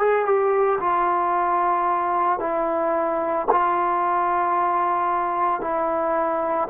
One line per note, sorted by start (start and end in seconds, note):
0.00 0.26 G#4
0.26 0.79 G4
0.81 2.40 F4
2.40 3.47 E4
3.52 5.61 F4
5.61 6.68 E4